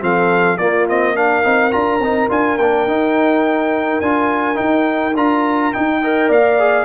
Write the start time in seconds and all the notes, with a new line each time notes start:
0.00 F3 C4 A4 F5
0.57 A#3 F4 D5
0.88 C4 D#5
1.15 D4 A#4 F5
1.43 C4 D#4
1.71 D4 F4 A#5
1.99 C4 D#4
2.29 D4 F4 G#5
2.58 A#3 D4 G5
2.86 D#4
4.01 D4 F4 G#5
4.55 D#4 G5
5.15 D4 F4 A#5
5.73 D#4 G5
6.01 A#4 D#5
6.29 A#3 D5 F5
6.59 G#4